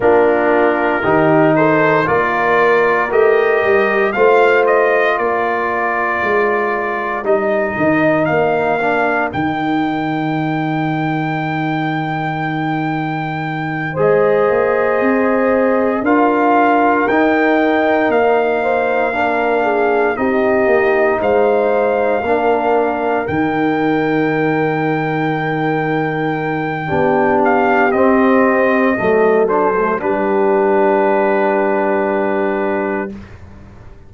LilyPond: <<
  \new Staff \with { instrumentName = "trumpet" } { \time 4/4 \tempo 4 = 58 ais'4. c''8 d''4 dis''4 | f''8 dis''8 d''2 dis''4 | f''4 g''2.~ | g''4. dis''2 f''8~ |
f''8 g''4 f''2 dis''8~ | dis''8 f''2 g''4.~ | g''2~ g''8 f''8 dis''4~ | dis''8 c''8 b'2. | }
  \new Staff \with { instrumentName = "horn" } { \time 4/4 f'4 g'8 a'8 ais'2 | c''4 ais'2.~ | ais'1~ | ais'4. c''2 ais'8~ |
ais'2 c''8 ais'8 gis'8 g'8~ | g'8 c''4 ais'2~ ais'8~ | ais'2 g'2 | a'4 g'2. | }
  \new Staff \with { instrumentName = "trombone" } { \time 4/4 d'4 dis'4 f'4 g'4 | f'2. dis'4~ | dis'8 d'8 dis'2.~ | dis'4. gis'2 f'8~ |
f'8 dis'2 d'4 dis'8~ | dis'4. d'4 dis'4.~ | dis'2 d'4 c'4 | a8 d'16 a16 d'2. | }
  \new Staff \with { instrumentName = "tuba" } { \time 4/4 ais4 dis4 ais4 a8 g8 | a4 ais4 gis4 g8 dis8 | ais4 dis2.~ | dis4. gis8 ais8 c'4 d'8~ |
d'8 dis'4 ais2 c'8 | ais8 gis4 ais4 dis4.~ | dis2 b4 c'4 | fis4 g2. | }
>>